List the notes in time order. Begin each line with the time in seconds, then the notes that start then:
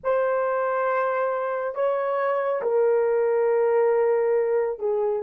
0.03 C5
1.74 C#5
2.61 A#4
4.79 G#4